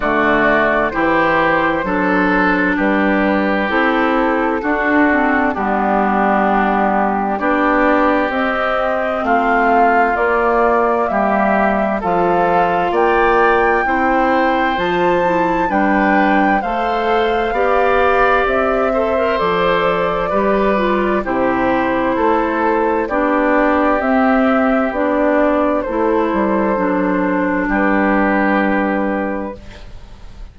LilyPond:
<<
  \new Staff \with { instrumentName = "flute" } { \time 4/4 \tempo 4 = 65 d''4 c''2 b'4 | a'2 g'2 | d''4 dis''4 f''4 d''4 | e''4 f''4 g''2 |
a''4 g''4 f''2 | e''4 d''2 c''4~ | c''4 d''4 e''4 d''4 | c''2 b'2 | }
  \new Staff \with { instrumentName = "oboe" } { \time 4/4 fis'4 g'4 a'4 g'4~ | g'4 fis'4 d'2 | g'2 f'2 | g'4 a'4 d''4 c''4~ |
c''4 b'4 c''4 d''4~ | d''8 c''4. b'4 g'4 | a'4 g'2. | a'2 g'2 | }
  \new Staff \with { instrumentName = "clarinet" } { \time 4/4 a4 e'4 d'2 | e'4 d'8 c'8 b2 | d'4 c'2 ais4~ | ais4 f'2 e'4 |
f'8 e'8 d'4 a'4 g'4~ | g'8 a'16 ais'16 a'4 g'8 f'8 e'4~ | e'4 d'4 c'4 d'4 | e'4 d'2. | }
  \new Staff \with { instrumentName = "bassoon" } { \time 4/4 d4 e4 fis4 g4 | c'4 d'4 g2 | b4 c'4 a4 ais4 | g4 f4 ais4 c'4 |
f4 g4 a4 b4 | c'4 f4 g4 c4 | a4 b4 c'4 b4 | a8 g8 fis4 g2 | }
>>